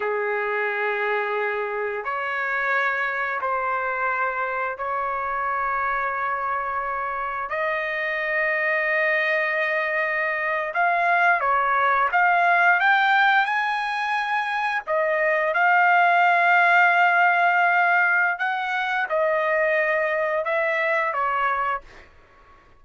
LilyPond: \new Staff \with { instrumentName = "trumpet" } { \time 4/4 \tempo 4 = 88 gis'2. cis''4~ | cis''4 c''2 cis''4~ | cis''2. dis''4~ | dis''2.~ dis''8. f''16~ |
f''8. cis''4 f''4 g''4 gis''16~ | gis''4.~ gis''16 dis''4 f''4~ f''16~ | f''2. fis''4 | dis''2 e''4 cis''4 | }